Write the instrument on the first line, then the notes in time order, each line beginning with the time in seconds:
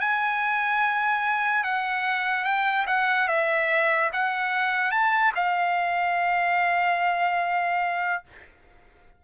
trumpet
0.00 G#5
1.63 F#5
2.44 G5
2.87 F#5
3.28 E5
4.12 F#5
4.91 A5
5.35 F5